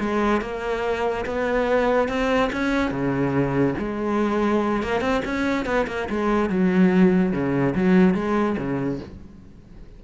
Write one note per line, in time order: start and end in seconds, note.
0.00 0.42 G#3
0.42 1.25 A#3
1.26 2.09 B3
2.09 2.51 C4
2.53 2.91 C#4
2.91 3.75 C#3
3.79 4.83 G#3
4.83 5.01 A#3
5.01 5.22 C4
5.25 5.66 C#4
5.66 5.87 B3
5.88 6.09 A#3
6.10 6.50 G#3
6.50 7.33 F#3
7.33 7.75 C#3
7.75 8.15 F#3
8.15 8.57 G#3
8.58 9.00 C#3